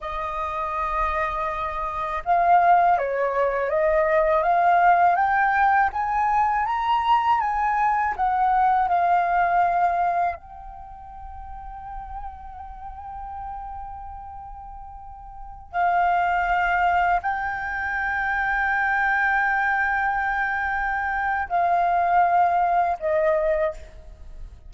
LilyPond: \new Staff \with { instrumentName = "flute" } { \time 4/4 \tempo 4 = 81 dis''2. f''4 | cis''4 dis''4 f''4 g''4 | gis''4 ais''4 gis''4 fis''4 | f''2 g''2~ |
g''1~ | g''4~ g''16 f''2 g''8.~ | g''1~ | g''4 f''2 dis''4 | }